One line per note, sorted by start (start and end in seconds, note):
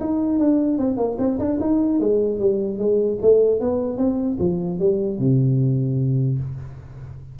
0.00 0.39 D#4
0.39 0.78 D4
0.78 0.97 C4
0.97 1.17 A#3
1.19 1.39 C4
1.39 1.59 D4
1.60 2.00 D#4
2.00 2.39 G#3
2.39 2.78 G3
2.78 3.18 G#3
3.21 3.60 A3
3.60 3.97 B3
3.97 4.37 C4
4.39 4.79 F3
4.79 5.19 G3
5.19 6.39 C3